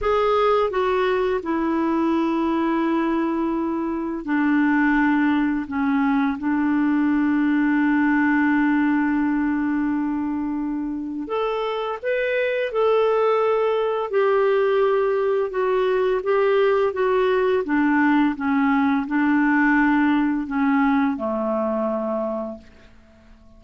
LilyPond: \new Staff \with { instrumentName = "clarinet" } { \time 4/4 \tempo 4 = 85 gis'4 fis'4 e'2~ | e'2 d'2 | cis'4 d'2.~ | d'1 |
a'4 b'4 a'2 | g'2 fis'4 g'4 | fis'4 d'4 cis'4 d'4~ | d'4 cis'4 a2 | }